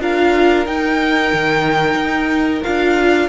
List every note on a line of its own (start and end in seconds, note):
0.00 0.66 D4
0.00 0.66 F4
0.00 3.29 A#4
0.00 0.67 F5
0.66 2.64 D#4
0.66 1.32 D#4
0.66 2.63 G5
1.33 1.95 D#3
1.95 2.61 D#4
2.63 3.29 D4
2.63 3.29 F4
2.63 3.29 F5